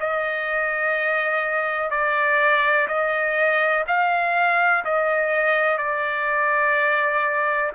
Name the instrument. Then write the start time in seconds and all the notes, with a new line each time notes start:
trumpet
0.00 D#5
1.91 D5
2.88 D#5
3.88 F5
4.85 D#5
5.78 D5